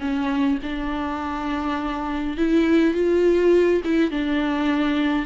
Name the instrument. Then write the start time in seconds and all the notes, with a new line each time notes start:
viola
0.00 C#4
0.63 D4
2.38 E4
2.94 F4
3.84 E4
4.11 D4